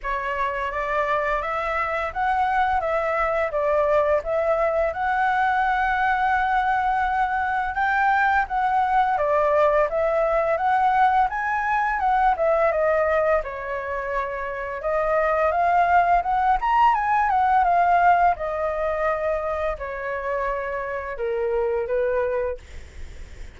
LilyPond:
\new Staff \with { instrumentName = "flute" } { \time 4/4 \tempo 4 = 85 cis''4 d''4 e''4 fis''4 | e''4 d''4 e''4 fis''4~ | fis''2. g''4 | fis''4 d''4 e''4 fis''4 |
gis''4 fis''8 e''8 dis''4 cis''4~ | cis''4 dis''4 f''4 fis''8 ais''8 | gis''8 fis''8 f''4 dis''2 | cis''2 ais'4 b'4 | }